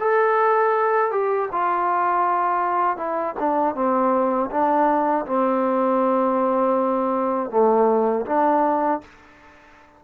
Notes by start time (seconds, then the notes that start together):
0.00 A4
1.12 G4
1.52 F4
2.97 E4
3.40 D4
3.75 C4
4.51 D4
5.26 C4
7.51 A3
8.26 D4